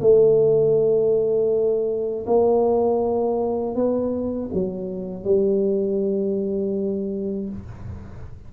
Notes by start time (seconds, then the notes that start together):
0.00 A3
2.26 A#3
3.75 B3
4.53 F#3
5.24 G3